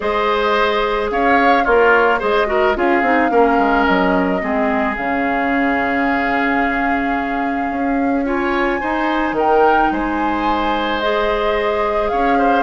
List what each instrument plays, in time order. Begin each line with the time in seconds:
0.00 bassoon G#3, clarinet G#4, oboe C5, flute D#5
1.10 bassoon C#4, oboe C#5, flute F5
1.64 bassoon A#3, oboe F4, clarinet A#4, flute C#5
2.19 bassoon G#3, clarinet G#4, oboe C5, flute D#5
2.46 clarinet F#4, oboe A#4
2.74 bassoon C#4, clarinet F4, oboe G#4, flute F5
3.01 bassoon C4, clarinet D#4
3.29 bassoon A#3, clarinet C#4, oboe A#4
3.58 bassoon G#3
3.85 bassoon F#3, flute D#5
4.39 bassoon G#3, clarinet C4, oboe G#4
4.96 bassoon C#3, clarinet C#4, flute F5
7.70 bassoon C#4
8.25 clarinet F4, oboe C#5, flute G#5
8.80 bassoon D#4, clarinet D#4, oboe C5
9.32 bassoon D#3, oboe A#4
9.38 flute G5
9.91 bassoon G#3, oboe C5, flute G#5
11.00 clarinet G#4, flute D#5
12.08 bassoon C#4, oboe C#5, flute F5
12.37 oboe C5